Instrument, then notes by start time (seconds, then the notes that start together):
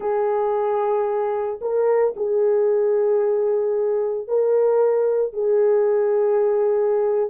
horn
0.00 G#4
1.61 A#4
2.16 G#4
4.27 A#4
5.33 G#4